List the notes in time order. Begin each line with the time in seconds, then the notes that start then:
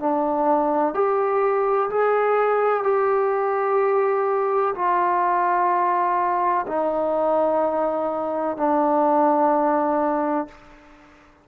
0.00 D4
0.94 G4
1.90 G#4
2.84 G4
4.75 F4
6.67 D#4
8.57 D4